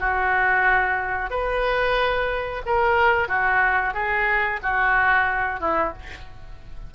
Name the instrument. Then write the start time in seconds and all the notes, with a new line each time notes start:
oboe
0.00 F#4
1.30 B4
2.66 A#4
3.28 F#4
3.94 G#4
4.63 F#4
5.60 E4